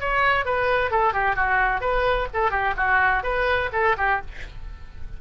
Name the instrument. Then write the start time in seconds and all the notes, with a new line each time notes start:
oboe
0.00 C#5
0.45 B4
0.91 A4
1.13 G4
1.35 F#4
1.81 B4
2.34 A4
2.51 G4
2.77 F#4
3.23 B4
3.72 A4
3.98 G4